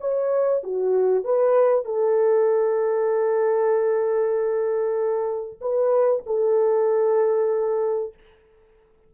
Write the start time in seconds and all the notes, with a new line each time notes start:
0.00 C#5
0.63 F#4
1.24 B4
1.85 A4
5.61 B4
6.26 A4